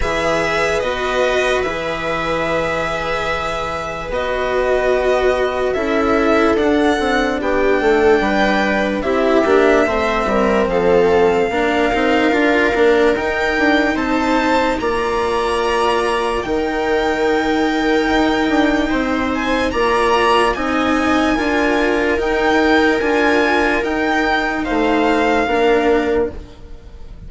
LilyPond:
<<
  \new Staff \with { instrumentName = "violin" } { \time 4/4 \tempo 4 = 73 e''4 dis''4 e''2~ | e''4 dis''2 e''4 | fis''4 g''2 e''4~ | e''4 f''2. |
g''4 a''4 ais''2 | g''2.~ g''8 gis''8 | ais''4 gis''2 g''4 | gis''4 g''4 f''2 | }
  \new Staff \with { instrumentName = "viola" } { \time 4/4 b'1~ | b'2. a'4~ | a'4 g'8 a'8 b'4 g'4 | c''8 ais'8 a'4 ais'2~ |
ais'4 c''4 d''2 | ais'2. c''4 | d''4 dis''4 ais'2~ | ais'2 c''4 ais'4 | }
  \new Staff \with { instrumentName = "cello" } { \time 4/4 gis'4 fis'4 gis'2~ | gis'4 fis'2 e'4 | d'2. e'8 d'8 | c'2 d'8 dis'8 f'8 d'8 |
dis'2 f'2 | dis'1 | f'4 dis'4 f'4 dis'4 | f'4 dis'2 d'4 | }
  \new Staff \with { instrumentName = "bassoon" } { \time 4/4 e4 b4 e2~ | e4 b2 cis'4 | d'8 c'8 b8 a8 g4 c'8 ais8 | a8 g8 f4 ais8 c'8 d'8 ais8 |
dis'8 d'8 c'4 ais2 | dis2 dis'8 d'8 c'4 | ais4 c'4 d'4 dis'4 | d'4 dis'4 a4 ais4 | }
>>